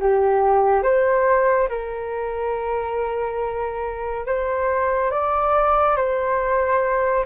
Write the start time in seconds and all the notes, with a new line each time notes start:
0.00 G4
0.83 C5
1.69 A#4
4.26 C5
5.11 D5
5.96 C5